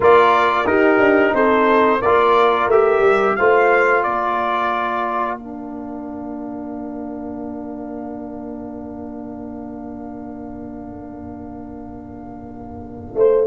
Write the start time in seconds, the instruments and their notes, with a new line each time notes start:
0.00 tuba A#3, trombone F4, horn A#4, trumpet D5
0.65 trombone D#4, tuba D#4, horn G4, trumpet A#4
0.99 tuba D4
1.33 tuba C4, horn A4, trumpet C5
2.00 tuba A#3, trombone F4, horn A#4, trumpet D5
2.67 tuba A3, trombone G4, trumpet E5
3.00 tuba G3
3.36 tuba A3, trombone F4, horn C5, trumpet F5
4.03 tuba A#3, horn A#4, trumpet D5
5.37 trombone D4, trumpet F5
13.14 tuba A3, horn C5